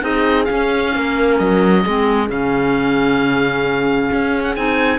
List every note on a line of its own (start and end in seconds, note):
0.00 0.48 C4
0.00 0.45 D#4
0.00 0.93 G#4
0.00 0.45 D#5
0.45 0.94 C#4
0.45 1.85 C#4
0.45 1.35 F5
0.94 1.39 A#3
0.94 1.83 A#4
1.38 1.84 F#3
1.38 2.28 D#5
1.83 2.29 G#3
1.83 2.26 C4
1.83 4.99 G#4
2.26 4.10 C#3
2.26 4.52 C#4
2.26 4.43 F5
4.12 4.56 C#4
4.43 4.55 F#5
4.55 4.99 C4
4.55 4.99 D#4
4.55 4.99 G#5